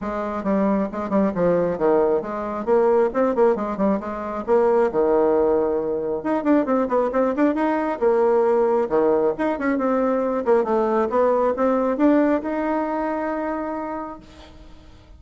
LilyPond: \new Staff \with { instrumentName = "bassoon" } { \time 4/4 \tempo 4 = 135 gis4 g4 gis8 g8 f4 | dis4 gis4 ais4 c'8 ais8 | gis8 g8 gis4 ais4 dis4~ | dis2 dis'8 d'8 c'8 b8 |
c'8 d'8 dis'4 ais2 | dis4 dis'8 cis'8 c'4. ais8 | a4 b4 c'4 d'4 | dis'1 | }